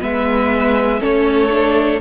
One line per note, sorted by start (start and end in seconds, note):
0.00 1.01 G#3
0.00 1.00 B3
0.00 1.00 B4
0.00 1.02 E5
1.00 2.00 A3
1.00 1.50 C#4
1.00 2.00 A4
1.00 2.00 C#5
1.50 2.00 D4